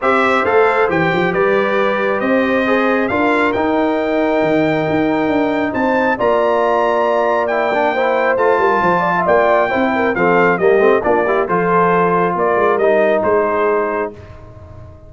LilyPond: <<
  \new Staff \with { instrumentName = "trumpet" } { \time 4/4 \tempo 4 = 136 e''4 f''4 g''4 d''4~ | d''4 dis''2 f''4 | g''1~ | g''4 a''4 ais''2~ |
ais''4 g''2 a''4~ | a''4 g''2 f''4 | dis''4 d''4 c''2 | d''4 dis''4 c''2 | }
  \new Staff \with { instrumentName = "horn" } { \time 4/4 c''2. b'4~ | b'4 c''2 ais'4~ | ais'1~ | ais'4 c''4 d''2~ |
d''2 c''4. ais'8 | c''8 d''16 e''16 d''4 c''8 ais'8 a'4 | g'4 f'8 g'8 a'2 | ais'2 gis'2 | }
  \new Staff \with { instrumentName = "trombone" } { \time 4/4 g'4 a'4 g'2~ | g'2 gis'4 f'4 | dis'1~ | dis'2 f'2~ |
f'4 e'8 d'8 e'4 f'4~ | f'2 e'4 c'4 | ais8 c'8 d'8 e'8 f'2~ | f'4 dis'2. | }
  \new Staff \with { instrumentName = "tuba" } { \time 4/4 c'4 a4 e8 f8 g4~ | g4 c'2 d'4 | dis'2 dis4 dis'4 | d'4 c'4 ais2~ |
ais2. a8 g8 | f4 ais4 c'4 f4 | g8 a8 ais4 f2 | ais8 gis8 g4 gis2 | }
>>